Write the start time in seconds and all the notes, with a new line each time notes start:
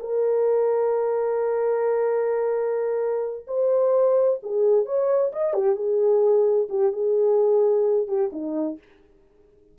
0.00 A#4
3.47 C5
4.43 G#4
4.86 C#5
5.32 D#5
5.53 G4
5.76 G#4
6.69 G4
6.93 G#4
8.07 G4
8.32 D#4